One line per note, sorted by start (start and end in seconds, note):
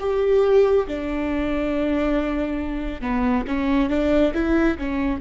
0.00 0.87 G4
0.87 3.02 D4
3.02 3.45 B3
3.47 3.90 C#4
3.90 4.33 D4
4.34 4.78 E4
4.78 5.21 C#4